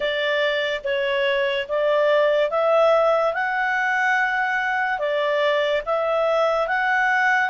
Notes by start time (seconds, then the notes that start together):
0.00 D5
0.83 C#5
1.68 D5
2.50 E5
3.33 F#5
4.98 D5
5.85 E5
6.67 F#5